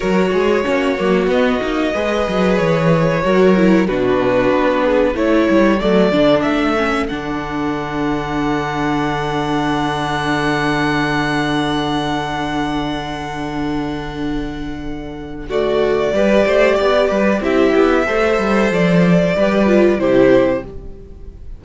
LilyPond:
<<
  \new Staff \with { instrumentName = "violin" } { \time 4/4 \tempo 4 = 93 cis''2 dis''2 | cis''2 b'2 | cis''4 d''4 e''4 fis''4~ | fis''1~ |
fis''1~ | fis''1 | d''2. e''4~ | e''4 d''2 c''4 | }
  \new Staff \with { instrumentName = "violin" } { \time 4/4 ais'8 gis'8 fis'2 b'4~ | b'4 ais'4 fis'4. gis'8 | a'1~ | a'1~ |
a'1~ | a'1 | fis'4 b'8 c''8 d''8 b'8 g'4 | c''2 b'4 g'4 | }
  \new Staff \with { instrumentName = "viola" } { \time 4/4 fis'4 cis'8 ais8 b8 dis'8 gis'4~ | gis'4 fis'8 e'8 d'2 | e'4 a8 d'4 cis'8 d'4~ | d'1~ |
d'1~ | d'1 | a4 g'2 e'4 | a'2 g'8 f'8 e'4 | }
  \new Staff \with { instrumentName = "cello" } { \time 4/4 fis8 gis8 ais8 fis8 b8 ais8 gis8 fis8 | e4 fis4 b,4 b4 | a8 g8 fis8 d8 a4 d4~ | d1~ |
d1~ | d1~ | d4 g8 a8 b8 g8 c'8 b8 | a8 g8 f4 g4 c4 | }
>>